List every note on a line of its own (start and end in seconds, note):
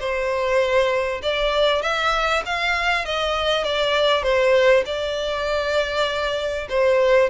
0.00 1.21 C5
1.23 1.82 D5
1.82 2.43 E5
2.45 3.06 F5
3.06 3.64 D#5
3.64 4.23 D5
4.23 4.84 C5
4.86 6.67 D5
6.69 7.30 C5